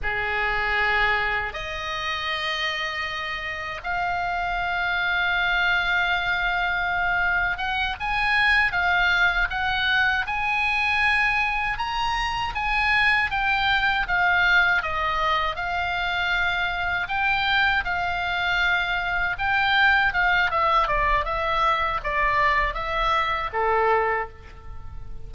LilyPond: \new Staff \with { instrumentName = "oboe" } { \time 4/4 \tempo 4 = 79 gis'2 dis''2~ | dis''4 f''2.~ | f''2 fis''8 gis''4 f''8~ | f''8 fis''4 gis''2 ais''8~ |
ais''8 gis''4 g''4 f''4 dis''8~ | dis''8 f''2 g''4 f''8~ | f''4. g''4 f''8 e''8 d''8 | e''4 d''4 e''4 a'4 | }